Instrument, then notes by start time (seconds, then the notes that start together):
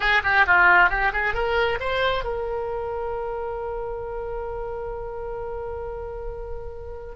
oboe
0.00 G#4
0.23 G4
0.46 F4
0.89 G4
1.12 G#4
1.34 A#4
1.80 C5
2.24 A#4